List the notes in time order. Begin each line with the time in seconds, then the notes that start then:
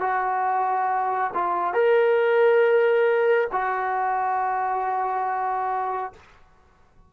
0.00 F#4
1.34 F4
1.74 A#4
3.52 F#4